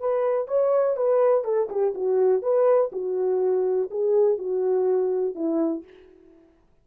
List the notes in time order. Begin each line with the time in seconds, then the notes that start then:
0.00 B4
0.48 C#5
0.97 B4
1.44 A4
1.70 G4
1.95 F#4
2.43 B4
2.92 F#4
3.91 G#4
4.38 F#4
5.35 E4